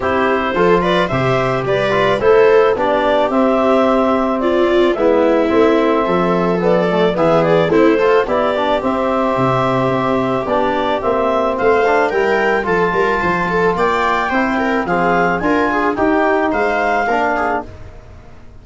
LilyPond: <<
  \new Staff \with { instrumentName = "clarinet" } { \time 4/4 \tempo 4 = 109 c''4. d''8 e''4 d''4 | c''4 d''4 e''2 | d''4 e''2. | d''4 e''8 d''8 c''4 d''4 |
e''2. d''4 | e''4 f''4 g''4 a''4~ | a''4 g''2 f''4 | gis''4 g''4 f''2 | }
  \new Staff \with { instrumentName = "viola" } { \time 4/4 g'4 a'8 b'8 c''4 b'4 | a'4 g'2. | f'4 e'2 a'4~ | a'4 gis'4 e'8 a'8 g'4~ |
g'1~ | g'4 c''4 ais'4 a'8 ais'8 | c''8 a'8 d''4 c''8 ais'8 gis'4 | ais'8 gis'8 g'4 c''4 ais'8 gis'8 | }
  \new Staff \with { instrumentName = "trombone" } { \time 4/4 e'4 f'4 g'4. f'8 | e'4 d'4 c'2~ | c'4 b4 c'2 | b8 a8 b4 c'8 f'8 e'8 d'8 |
c'2. d'4 | c'4. d'8 e'4 f'4~ | f'2 e'4 c'4 | f'4 dis'2 d'4 | }
  \new Staff \with { instrumentName = "tuba" } { \time 4/4 c'4 f4 c4 g4 | a4 b4 c'2~ | c'4 gis4 a4 f4~ | f4 e4 a4 b4 |
c'4 c4 c'4 b4 | ais4 a4 g4 f8 g8 | f4 ais4 c'4 f4 | d'4 dis'4 gis4 ais4 | }
>>